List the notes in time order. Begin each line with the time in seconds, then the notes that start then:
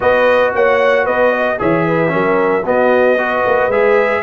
0.00 B3 F#4 B4 D#5
0.54 A#3 C#5 F#5
1.04 B3 B4 D#5
1.30 D#5
1.58 E3 G#4 C#5 E5
1.87 B4
2.08 F#3 C#4 A#4
2.65 B3 F#4 D#5
3.18 F#4 B4
3.46 A#3
3.67 G#3 G#4 E5